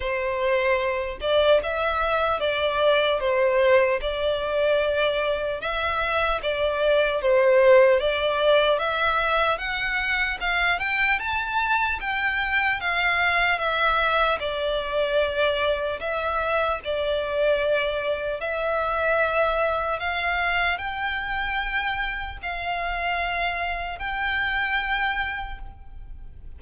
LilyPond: \new Staff \with { instrumentName = "violin" } { \time 4/4 \tempo 4 = 75 c''4. d''8 e''4 d''4 | c''4 d''2 e''4 | d''4 c''4 d''4 e''4 | fis''4 f''8 g''8 a''4 g''4 |
f''4 e''4 d''2 | e''4 d''2 e''4~ | e''4 f''4 g''2 | f''2 g''2 | }